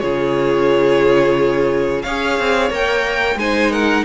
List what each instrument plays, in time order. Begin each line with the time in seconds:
0.00 cello C#3, viola F4, violin G#4 C#5
2.02 cello C#4, viola G#4, violin C#5 F5
2.39 cello C4
2.70 cello A#3, viola A#4, violin G5
3.36 cello G#3, viola D#4, violin C5 G#5
3.72 violin A#4 F#5